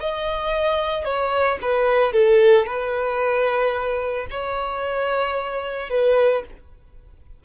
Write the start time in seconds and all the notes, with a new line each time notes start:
0.00 D#5
1.05 C#5
1.62 B4
2.13 A4
2.66 B4
4.31 C#5
5.89 B4